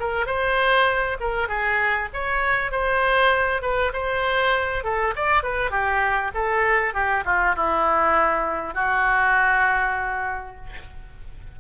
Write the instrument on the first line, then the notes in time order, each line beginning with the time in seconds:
oboe
0.00 A#4
0.26 C5
1.21 A#4
1.48 G#4
2.14 C#5
2.72 C5
3.62 B4
3.93 C5
4.84 A4
5.16 D5
5.44 B4
5.71 G4
6.35 A4
6.94 G4
7.26 F4
7.56 E4
8.75 F#4